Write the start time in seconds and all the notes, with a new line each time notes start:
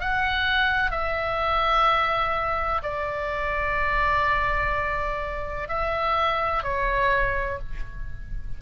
0.00 F#5
0.91 E5
2.83 D5
5.68 E5
6.64 C#5